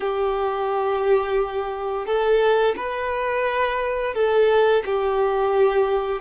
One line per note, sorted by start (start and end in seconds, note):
0.00 2.06 G4
2.06 2.75 A4
2.76 4.14 B4
4.14 4.83 A4
4.85 6.21 G4